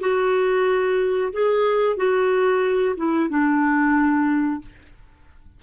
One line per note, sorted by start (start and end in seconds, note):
0.00 1.32 F#4
1.32 1.96 G#4
1.96 2.95 F#4
2.96 3.29 E4
3.29 4.61 D4